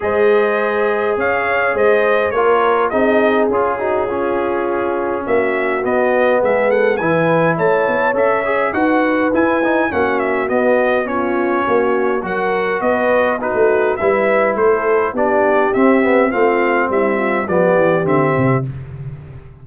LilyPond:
<<
  \new Staff \with { instrumentName = "trumpet" } { \time 4/4 \tempo 4 = 103 dis''2 f''4 dis''4 | cis''4 dis''4 gis'2~ | gis'4 e''4 dis''4 e''8 fis''8 | gis''4 a''4 e''4 fis''4 |
gis''4 fis''8 e''8 dis''4 cis''4~ | cis''4 fis''4 dis''4 b'4 | e''4 c''4 d''4 e''4 | f''4 e''4 d''4 e''4 | }
  \new Staff \with { instrumentName = "horn" } { \time 4/4 c''2 cis''4 c''4 | ais'4 gis'4. fis'8 f'4~ | f'4 fis'2 gis'8 a'8 | b'4 cis''2 b'4~ |
b'4 fis'2 f'4 | fis'4 ais'4 b'4 fis'4 | b'4 a'4 g'2 | f'4 e'8 f'8 g'2 | }
  \new Staff \with { instrumentName = "trombone" } { \time 4/4 gis'1 | f'4 dis'4 f'8 dis'8 cis'4~ | cis'2 b2 | e'2 a'8 gis'8 fis'4 |
e'8 dis'8 cis'4 b4 cis'4~ | cis'4 fis'2 dis'4 | e'2 d'4 c'8 b8 | c'2 b4 c'4 | }
  \new Staff \with { instrumentName = "tuba" } { \time 4/4 gis2 cis'4 gis4 | ais4 c'4 cis'2~ | cis'4 ais4 b4 gis4 | e4 a8 b8 cis'4 dis'4 |
e'4 ais4 b2 | ais4 fis4 b4~ b16 a8. | g4 a4 b4 c'4 | a4 g4 f8 e8 d8 c8 | }
>>